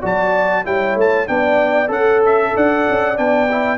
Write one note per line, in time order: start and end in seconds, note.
0.00 0.66 F#3
0.00 0.64 F#4
0.00 0.63 D5
0.00 0.66 A5
0.64 0.95 G3
0.64 1.27 E4
0.64 1.27 C#5
0.64 0.97 G5
0.95 1.27 A3
0.95 1.27 A5
1.27 1.89 B3
1.27 1.87 D4
1.27 1.93 D5
1.27 1.91 G5
1.87 2.52 C#4
1.87 3.14 A4
1.87 2.53 A4
1.87 2.23 F#5
2.25 2.56 E5
2.53 2.87 D4
2.53 3.77 D5
2.53 3.17 F#5
2.89 3.18 C#4
3.16 3.77 B3
3.16 3.48 D4
3.16 3.77 G5
3.50 3.77 E4